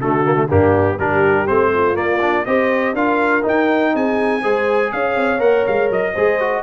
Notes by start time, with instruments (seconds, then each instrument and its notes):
0.00 tuba D3, trombone A3, horn F#4, trumpet A4
0.25 trombone A#3
0.36 trombone A3
0.49 tuba G2, trombone A#3, horn D4, trumpet G4
0.97 tuba G3, trombone D4, horn G4, trumpet A#4
1.47 tuba A3, trombone C4, trumpet C5
1.74 horn F4
1.94 trombone A#3, tuba A#3, trumpet D5
2.22 trombone D4
2.46 tuba C4, trombone G4, horn C5, trumpet D#5
2.94 tuba D4, trombone F4, horn A#4, trumpet F5
3.43 trombone D#4, tuba D#4, trumpet G5
3.95 tuba C4, horn G#4, trumpet G#5
4.42 tuba G#3, trombone G#4, horn C5
4.92 tuba C#4, horn C#5, trumpet F5
5.16 tuba C4
5.39 tuba A#3, trombone A#4, trumpet F#5
5.66 tuba G#3, trumpet F5
5.90 tuba F#3, trumpet D#5
6.13 tuba G#3, trombone G#4, horn C5
6.40 trombone F#4